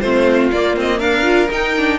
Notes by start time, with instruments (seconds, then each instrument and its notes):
0.00 cello A3, viola C4, violin F4 C5
0.52 cello A#3, viola A#3, violin D5
0.76 cello C4, violin D#5
0.98 cello D4, violin A#4 F5
1.23 viola F4
1.51 viola D#4, cello D#4, violin G5
1.77 viola D4